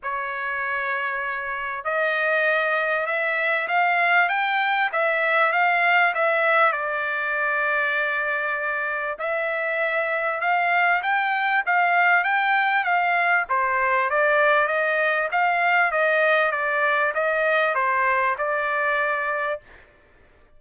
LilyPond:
\new Staff \with { instrumentName = "trumpet" } { \time 4/4 \tempo 4 = 98 cis''2. dis''4~ | dis''4 e''4 f''4 g''4 | e''4 f''4 e''4 d''4~ | d''2. e''4~ |
e''4 f''4 g''4 f''4 | g''4 f''4 c''4 d''4 | dis''4 f''4 dis''4 d''4 | dis''4 c''4 d''2 | }